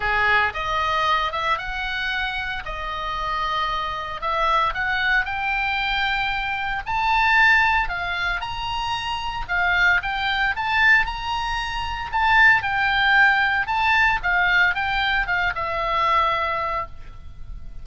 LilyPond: \new Staff \with { instrumentName = "oboe" } { \time 4/4 \tempo 4 = 114 gis'4 dis''4. e''8 fis''4~ | fis''4 dis''2. | e''4 fis''4 g''2~ | g''4 a''2 f''4 |
ais''2 f''4 g''4 | a''4 ais''2 a''4 | g''2 a''4 f''4 | g''4 f''8 e''2~ e''8 | }